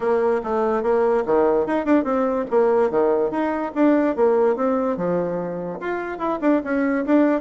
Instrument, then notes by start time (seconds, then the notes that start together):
bassoon
0.00 A#3
0.43 A3
0.82 A#3
1.25 D#3
1.66 D#4
1.85 D4
2.04 C4
2.50 A#3
2.90 D#3
3.30 D#4
3.74 D4
4.15 A#3
4.55 C4
4.96 F3
5.80 F4
6.18 E4
6.41 D4
6.63 C#4
7.05 D4